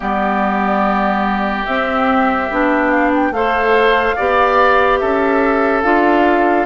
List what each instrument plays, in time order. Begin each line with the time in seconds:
0.00 bassoon G3, clarinet B3, oboe G4, flute D5
1.65 bassoon C4, clarinet C4, flute E5
2.51 bassoon B3, clarinet D4
2.90 flute F5
3.14 flute G5
3.31 bassoon A3, clarinet A4, oboe C5, flute F5
4.16 bassoon B3, clarinet G4, oboe D5
4.98 bassoon C#4, oboe A4, flute E5
5.82 bassoon D4, clarinet F4, flute F5